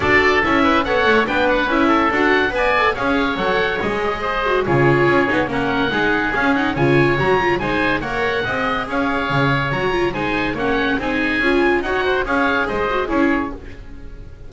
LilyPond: <<
  \new Staff \with { instrumentName = "oboe" } { \time 4/4 \tempo 4 = 142 d''4 e''4 fis''4 g''8 fis''8 | e''4 fis''4 gis''4 f''4 | fis''4 dis''2 cis''4~ | cis''4 fis''2 f''8 fis''8 |
gis''4 ais''4 gis''4 fis''4~ | fis''4 f''2 ais''4 | gis''4 fis''4 gis''2 | fis''4 f''4 dis''4 cis''4 | }
  \new Staff \with { instrumentName = "oboe" } { \time 4/4 a'4. b'8 cis''4 b'4~ | b'8 a'4. d''4 cis''4~ | cis''2 c''4 gis'4~ | gis'4 ais'4 gis'2 |
cis''2 c''4 cis''4 | dis''4 cis''2. | c''4 cis''4 gis'2 | cis''8 c''8 cis''4 c''4 gis'4 | }
  \new Staff \with { instrumentName = "viola" } { \time 4/4 fis'4 e'4 a'4 d'4 | e'4 fis'4 b'8 a'8 gis'4 | a'4 gis'4. fis'8 f'4~ | f'8 dis'8 cis'4 dis'4 cis'8 dis'8 |
f'4 fis'8 f'8 dis'4 ais'4 | gis'2. fis'8 f'8 | dis'4 cis'4 dis'4 f'4 | fis'4 gis'4. fis'8 e'4 | }
  \new Staff \with { instrumentName = "double bass" } { \time 4/4 d'4 cis'4 b8 a8 b4 | cis'4 d'4 b4 cis'4 | fis4 gis2 cis4 | cis'8 b8 ais4 gis4 cis'4 |
cis4 fis4 gis4 ais4 | c'4 cis'4 cis4 fis4 | gis4 ais4 c'4 cis'4 | dis'4 cis'4 gis4 cis'4 | }
>>